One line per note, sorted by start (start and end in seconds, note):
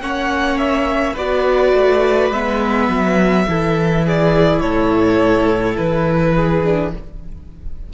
0.00 1.15 A#3
0.00 1.16 C#4
0.00 1.13 C#5
0.00 0.57 F#5
0.57 1.15 E5
1.13 1.73 B3
1.13 2.32 F#4
1.13 3.44 B4
1.13 2.32 D5
1.73 2.30 A3
2.30 2.88 G#3
2.30 3.47 B3
2.30 4.05 E5
2.88 3.45 F#3
3.48 4.61 E3
3.48 6.63 E4
3.48 4.05 A4
4.05 4.62 G#4
4.05 4.60 D5
4.60 5.76 A2
4.60 6.35 A4
4.60 5.75 C#5
5.76 6.93 E3
5.76 6.92 B4
6.35 6.92 G#4
6.63 6.92 D4